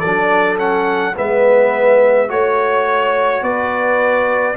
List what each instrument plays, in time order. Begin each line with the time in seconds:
0.00 tuba F#3, horn A4, trumpet D5
0.07 trombone D4
0.58 trombone C#4, trumpet F#5
1.16 tuba G#3, trombone B3, horn B4, trumpet E5
2.29 tuba A3, trombone F#4, trumpet C#5, horn C#5
3.42 tuba B3, horn B4, trumpet D5